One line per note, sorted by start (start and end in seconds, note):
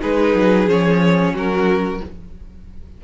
0.00 0.35 G#3
0.00 0.67 D#4
0.00 1.33 G#4
0.00 0.69 B4
0.35 0.67 F#3
0.67 1.33 F3
0.67 2.01 C#4
0.67 1.36 C#5
1.33 2.00 F#3
1.33 2.01 F#4
1.33 2.04 A#4